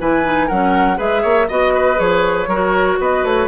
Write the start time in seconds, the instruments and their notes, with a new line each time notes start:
0.00 bassoon E3, clarinet E4, oboe B4, flute G#5
0.24 clarinet D#4
0.47 bassoon F#3, clarinet C#4, oboe A#4, flute F#5
0.97 bassoon G#3, clarinet G#4, oboe B4, flute E5
1.22 bassoon A#3, oboe C#5
1.49 bassoon B3, clarinet F#4, oboe D#5, flute D#5
1.74 oboe B4
1.96 bassoon F3, clarinet G#4, flute C#5
2.47 bassoon F#3, clarinet F#4, oboe A#4
3.00 bassoon B3, oboe B4, flute D#5
3.24 bassoon A3, flute C#5